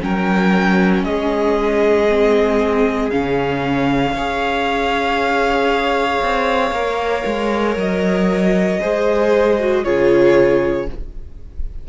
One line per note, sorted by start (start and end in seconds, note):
0.00 1.04 F#3
0.00 2.07 C#4
0.00 1.05 A#4
0.00 1.04 G5
1.04 3.11 G#3
1.04 4.14 G#4
1.04 3.10 D#5
2.09 3.11 C4
3.10 4.12 C#3
3.10 4.15 C#4
3.10 7.76 F5
4.12 6.19 C#4
4.12 6.74 G#4
4.12 8.80 C#5
6.23 6.71 C4
6.71 7.23 A#3
6.71 8.81 A#4
7.26 7.76 G#3
7.76 8.80 F#3
7.76 9.84 D#5
8.81 9.85 G#3
8.81 9.59 G#4
8.81 9.84 C5
9.59 9.84 F#4
9.84 10.89 C#3
9.84 10.87 F4
9.84 10.87 G#4
9.84 10.87 C#5